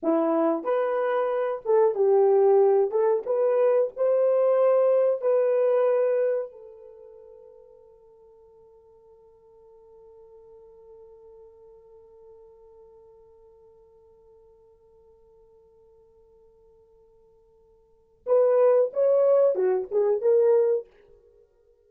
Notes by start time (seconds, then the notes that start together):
0.02 E4
0.63 B4
1.65 A4
1.94 G4
2.90 A4
3.25 B4
3.96 C5
5.21 B4
6.51 A4
18.26 B4
18.93 C#5
19.55 F#4
19.91 G#4
20.21 A#4